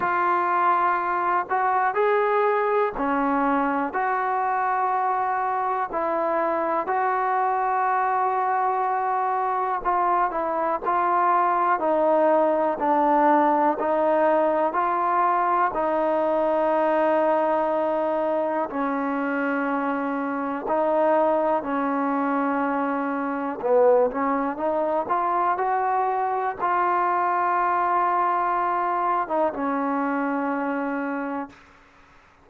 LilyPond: \new Staff \with { instrumentName = "trombone" } { \time 4/4 \tempo 4 = 61 f'4. fis'8 gis'4 cis'4 | fis'2 e'4 fis'4~ | fis'2 f'8 e'8 f'4 | dis'4 d'4 dis'4 f'4 |
dis'2. cis'4~ | cis'4 dis'4 cis'2 | b8 cis'8 dis'8 f'8 fis'4 f'4~ | f'4.~ f'16 dis'16 cis'2 | }